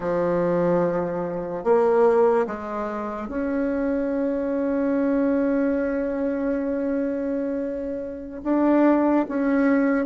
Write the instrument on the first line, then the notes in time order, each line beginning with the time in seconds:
bassoon
0.00 F3
1.64 A#3
2.47 G#3
3.28 C#4
8.43 D4
9.28 C#4